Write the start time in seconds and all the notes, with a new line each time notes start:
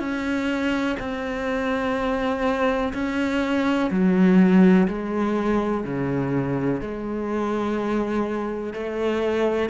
0.00 C#4
1.00 C4
2.94 C#4
3.91 F#3
4.88 G#3
5.85 C#3
6.81 G#3
8.74 A3